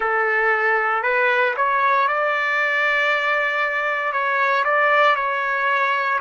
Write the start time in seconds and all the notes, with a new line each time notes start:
0.00 A4
1.03 B4
1.56 C#5
2.07 D5
4.12 C#5
4.64 D5
5.15 C#5